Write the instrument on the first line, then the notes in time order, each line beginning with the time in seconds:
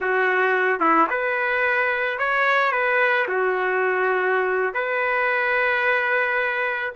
trumpet
0.00 F#4
0.80 E4
1.10 B4
2.18 C#5
2.71 B4
3.28 F#4
4.74 B4